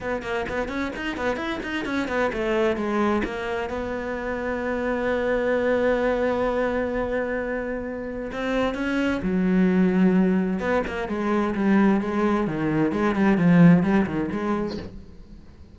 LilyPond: \new Staff \with { instrumentName = "cello" } { \time 4/4 \tempo 4 = 130 b8 ais8 b8 cis'8 dis'8 b8 e'8 dis'8 | cis'8 b8 a4 gis4 ais4 | b1~ | b1~ |
b2 c'4 cis'4 | fis2. b8 ais8 | gis4 g4 gis4 dis4 | gis8 g8 f4 g8 dis8 gis4 | }